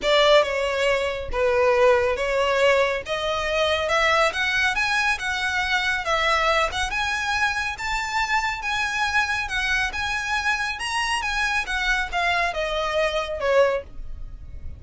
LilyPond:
\new Staff \with { instrumentName = "violin" } { \time 4/4 \tempo 4 = 139 d''4 cis''2 b'4~ | b'4 cis''2 dis''4~ | dis''4 e''4 fis''4 gis''4 | fis''2 e''4. fis''8 |
gis''2 a''2 | gis''2 fis''4 gis''4~ | gis''4 ais''4 gis''4 fis''4 | f''4 dis''2 cis''4 | }